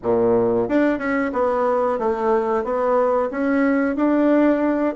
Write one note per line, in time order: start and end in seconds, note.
0.02 0.68 A#2
0.69 0.98 D4
0.98 1.31 C#4
1.32 1.98 B3
1.98 2.63 A3
2.63 3.29 B3
3.30 3.96 C#4
3.96 4.95 D4